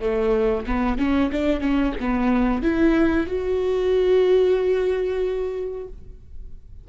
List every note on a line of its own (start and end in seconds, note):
0.00 0.65 A3
0.66 0.98 B3
0.98 1.30 C#4
1.32 1.60 D4
1.60 1.92 C#4
2.00 2.62 B3
2.62 3.26 E4
3.26 5.87 F#4